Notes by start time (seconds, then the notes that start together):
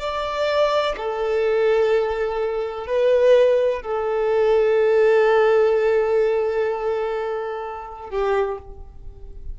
0.00 D5
0.97 A4
2.87 B4
3.82 A4
8.10 G4